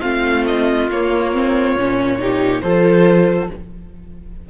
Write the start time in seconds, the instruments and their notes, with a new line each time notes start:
0.00 cello A3, viola C4, violin F4 F5
0.46 violin D#5
0.88 cello A#3, viola A#3, violin C#5
1.33 viola C4
1.75 cello A#2, viola C#4
2.19 viola D#4, violin G4
2.62 cello F3, viola F4, violin A4 C5